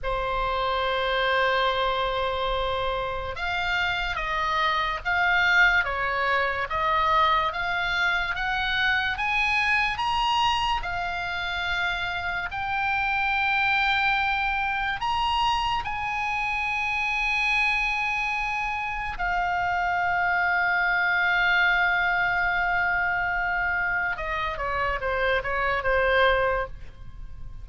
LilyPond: \new Staff \with { instrumentName = "oboe" } { \time 4/4 \tempo 4 = 72 c''1 | f''4 dis''4 f''4 cis''4 | dis''4 f''4 fis''4 gis''4 | ais''4 f''2 g''4~ |
g''2 ais''4 gis''4~ | gis''2. f''4~ | f''1~ | f''4 dis''8 cis''8 c''8 cis''8 c''4 | }